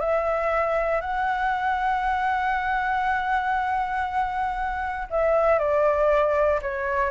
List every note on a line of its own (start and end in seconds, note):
0.00 1.01 E5
1.01 5.08 F#5
5.11 5.59 E5
5.59 6.61 D5
6.62 7.10 C#5